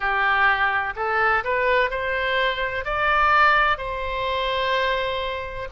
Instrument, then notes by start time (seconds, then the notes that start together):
oboe
0.00 G4
0.95 A4
1.43 B4
1.90 C5
2.84 D5
3.77 C5